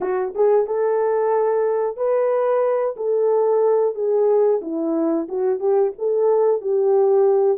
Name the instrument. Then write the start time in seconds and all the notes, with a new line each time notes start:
horn
0.01 F#4
0.34 G#4
0.66 A4
1.96 B4
2.96 A4
3.94 G#4
4.61 E4
5.28 F#4
5.59 G4
5.98 A4
6.61 G4